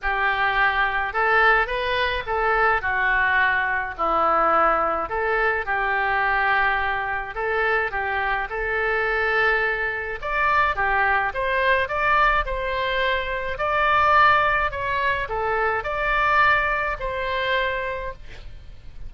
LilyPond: \new Staff \with { instrumentName = "oboe" } { \time 4/4 \tempo 4 = 106 g'2 a'4 b'4 | a'4 fis'2 e'4~ | e'4 a'4 g'2~ | g'4 a'4 g'4 a'4~ |
a'2 d''4 g'4 | c''4 d''4 c''2 | d''2 cis''4 a'4 | d''2 c''2 | }